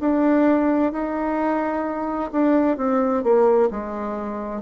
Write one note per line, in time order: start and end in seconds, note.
0.00 0.92 D4
0.92 2.30 D#4
2.32 2.77 D4
2.77 3.23 C4
3.23 3.69 A#3
3.70 4.61 G#3